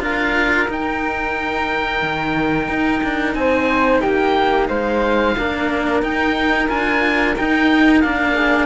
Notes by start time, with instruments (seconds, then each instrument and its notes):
0.00 cello D4 F4, flute A#4, oboe F5
0.68 cello D#4, oboe G5
2.02 cello D#3
2.68 cello D#4
3.03 cello D4
3.35 cello C4, flute C5, oboe G#5
4.01 cello A#3, flute G4, oboe G5
4.68 cello G#3, flute C5, oboe F5
5.38 cello A#3 D4, flute A#4
6.02 cello D#4, oboe G5
6.68 cello D4 F4, oboe G#5
7.37 cello D#4, oboe G5
8.01 cello A#3 D4, oboe F5
8.34 flute G#4